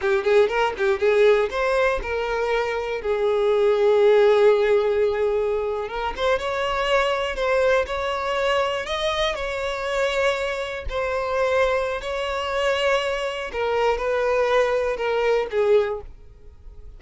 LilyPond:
\new Staff \with { instrumentName = "violin" } { \time 4/4 \tempo 4 = 120 g'8 gis'8 ais'8 g'8 gis'4 c''4 | ais'2 gis'2~ | gis'2.~ gis'8. ais'16~ | ais'16 c''8 cis''2 c''4 cis''16~ |
cis''4.~ cis''16 dis''4 cis''4~ cis''16~ | cis''4.~ cis''16 c''2~ c''16 | cis''2. ais'4 | b'2 ais'4 gis'4 | }